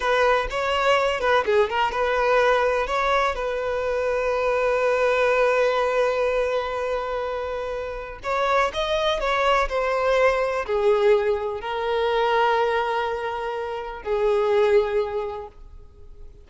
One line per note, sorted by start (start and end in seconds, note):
0.00 0.47 B4
0.50 1.20 C#5
1.20 1.44 B4
1.45 1.69 G#4
1.69 1.91 A#4
1.91 2.87 B4
2.87 3.35 C#5
3.35 8.19 B4
8.23 8.71 C#5
8.73 9.20 D#5
9.20 9.68 C#5
9.68 10.65 C5
10.66 11.60 G#4
11.60 14.02 A#4
14.02 15.47 G#4